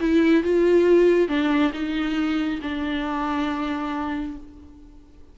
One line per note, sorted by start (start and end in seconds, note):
0.00 0.43 E4
0.43 1.28 F4
1.28 1.72 D4
1.73 2.60 D#4
2.62 4.37 D4